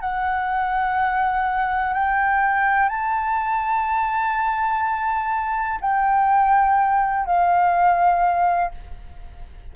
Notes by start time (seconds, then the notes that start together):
0.00 F#5
1.94 G5
2.89 A5
5.81 G5
7.26 F5